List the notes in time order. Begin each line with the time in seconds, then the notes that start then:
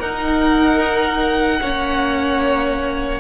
0.00 D#4 A#4 F#5
1.61 A#3 C#4 C#5